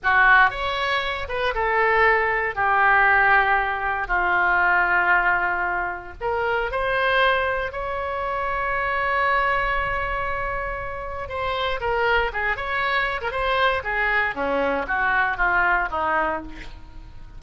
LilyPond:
\new Staff \with { instrumentName = "oboe" } { \time 4/4 \tempo 4 = 117 fis'4 cis''4. b'8 a'4~ | a'4 g'2. | f'1 | ais'4 c''2 cis''4~ |
cis''1~ | cis''2 c''4 ais'4 | gis'8 cis''4~ cis''16 ais'16 c''4 gis'4 | cis'4 fis'4 f'4 dis'4 | }